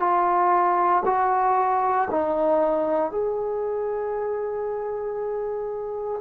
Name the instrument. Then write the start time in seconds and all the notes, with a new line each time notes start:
trombone
0.00 F4
1.06 F#4
2.11 D#4
3.12 G#4